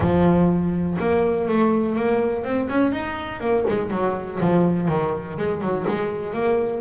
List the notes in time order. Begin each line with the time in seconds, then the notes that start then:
0.00 F3
0.99 A#3
1.47 A3
1.95 A#3
2.44 C4
2.69 C#4
2.92 D#4
3.40 A#3
3.68 G#3
3.90 F#3
4.40 F3
4.88 D#3
5.37 G#3
5.61 F#3
5.88 G#3
6.33 A#3